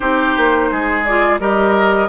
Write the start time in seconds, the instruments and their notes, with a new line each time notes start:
0.00 bassoon C4, clarinet D#4, oboe G4, flute C5
0.36 bassoon A#3
0.71 bassoon G#3, oboe G#4
1.04 clarinet F4, flute D5
1.39 bassoon G3, clarinet G4, oboe A#4, flute D#5